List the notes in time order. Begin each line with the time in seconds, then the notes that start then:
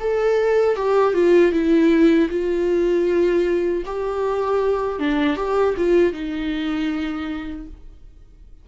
0.00 A4
0.76 G4
1.13 F4
1.52 E4
2.30 F4
3.86 G4
4.99 D4
5.36 G4
5.77 F4
6.13 D#4